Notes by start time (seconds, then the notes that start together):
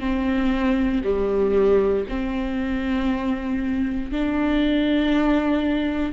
0.00 C4
1.04 G3
2.09 C4
4.12 D4